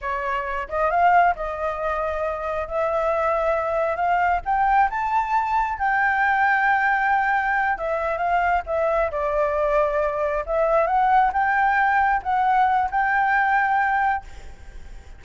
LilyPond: \new Staff \with { instrumentName = "flute" } { \time 4/4 \tempo 4 = 135 cis''4. dis''8 f''4 dis''4~ | dis''2 e''2~ | e''4 f''4 g''4 a''4~ | a''4 g''2.~ |
g''4. e''4 f''4 e''8~ | e''8 d''2. e''8~ | e''8 fis''4 g''2 fis''8~ | fis''4 g''2. | }